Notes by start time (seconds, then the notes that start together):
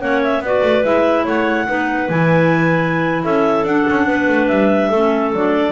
0.00 A#3 C#4 C#5 F#5
0.23 E5
0.39 B3 F#4 B4 D5
0.63 A3
0.83 G#3 E4 E5
1.24 A3 C#5 F#5
1.66 B3 D#4 B4
2.09 E3 E4 G#5
3.23 C#4 A4 E5
3.63 D4 F#5
3.89 C#4
4.06 B3 B4
4.28 A3
4.47 G3 E5
4.89 A3 C#4 A4
5.32 F#3 D4 D5